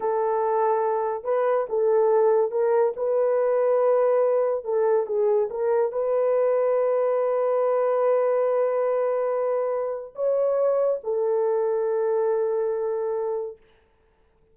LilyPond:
\new Staff \with { instrumentName = "horn" } { \time 4/4 \tempo 4 = 142 a'2. b'4 | a'2 ais'4 b'4~ | b'2. a'4 | gis'4 ais'4 b'2~ |
b'1~ | b'1 | cis''2 a'2~ | a'1 | }